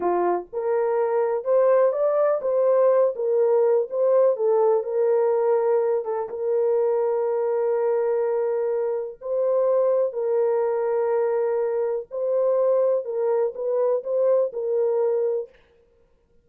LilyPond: \new Staff \with { instrumentName = "horn" } { \time 4/4 \tempo 4 = 124 f'4 ais'2 c''4 | d''4 c''4. ais'4. | c''4 a'4 ais'2~ | ais'8 a'8 ais'2.~ |
ais'2. c''4~ | c''4 ais'2.~ | ais'4 c''2 ais'4 | b'4 c''4 ais'2 | }